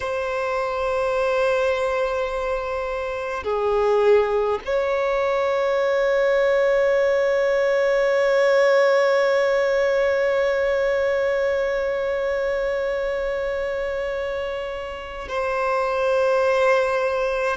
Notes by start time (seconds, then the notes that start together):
0.00 C5
3.43 G#4
4.65 C#5
15.28 C5